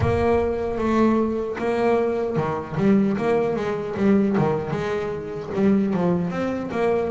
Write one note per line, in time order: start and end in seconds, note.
0.00 0.78 A#3
0.78 1.56 A3
1.58 2.36 A#3
2.36 2.76 D#3
2.77 3.16 G3
3.17 3.55 A#3
3.55 3.95 G#3
3.97 4.36 G3
4.37 4.70 D#3
4.70 5.49 G#3
5.54 5.93 G3
5.93 6.30 F3
6.30 6.70 C4
6.71 7.10 A#3